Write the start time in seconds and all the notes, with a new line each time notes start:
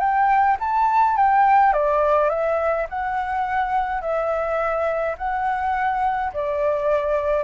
0.00 G5
0.60 A5
1.17 G5
1.73 D5
2.30 E5
2.90 F#5
4.01 E5
5.18 F#5
6.34 D5